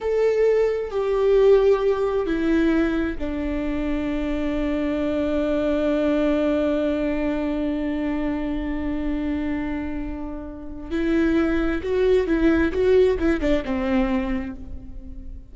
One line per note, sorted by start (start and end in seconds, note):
0.00 0.90 A4
0.90 2.26 G4
2.26 3.17 E4
3.18 10.90 D4
10.90 11.81 E4
11.82 12.26 F#4
12.26 12.72 E4
12.72 13.18 F#4
13.19 13.40 E4
13.40 13.63 D4
13.64 14.55 C4